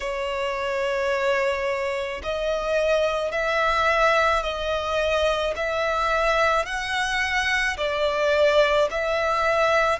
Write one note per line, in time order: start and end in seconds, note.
0.00 2.21 C#5
2.23 3.31 D#5
3.31 4.42 E5
4.42 5.54 D#5
5.56 6.65 E5
6.65 7.76 F#5
7.77 8.88 D5
8.90 9.99 E5